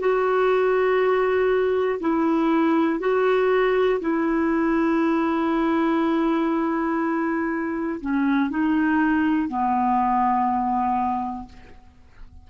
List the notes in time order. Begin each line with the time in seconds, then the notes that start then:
0.00 F#4
2.00 E4
3.00 F#4
4.00 E4
8.01 C#4
8.50 D#4
9.49 B3